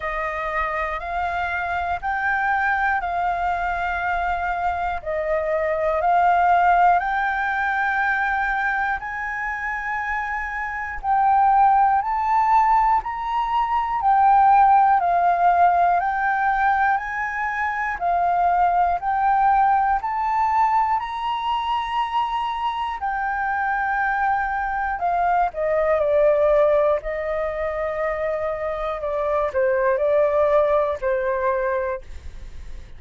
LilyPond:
\new Staff \with { instrumentName = "flute" } { \time 4/4 \tempo 4 = 60 dis''4 f''4 g''4 f''4~ | f''4 dis''4 f''4 g''4~ | g''4 gis''2 g''4 | a''4 ais''4 g''4 f''4 |
g''4 gis''4 f''4 g''4 | a''4 ais''2 g''4~ | g''4 f''8 dis''8 d''4 dis''4~ | dis''4 d''8 c''8 d''4 c''4 | }